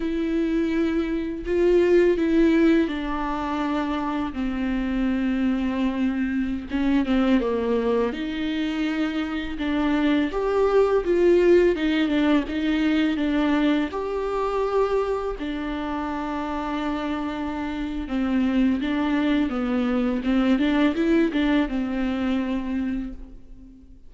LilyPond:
\new Staff \with { instrumentName = "viola" } { \time 4/4 \tempo 4 = 83 e'2 f'4 e'4 | d'2 c'2~ | c'4~ c'16 cis'8 c'8 ais4 dis'8.~ | dis'4~ dis'16 d'4 g'4 f'8.~ |
f'16 dis'8 d'8 dis'4 d'4 g'8.~ | g'4~ g'16 d'2~ d'8.~ | d'4 c'4 d'4 b4 | c'8 d'8 e'8 d'8 c'2 | }